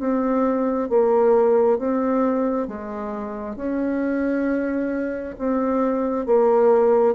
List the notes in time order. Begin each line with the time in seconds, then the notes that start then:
0.00 C4
0.90 A#3
1.79 C4
2.68 G#3
3.57 C#4
5.39 C4
6.26 A#3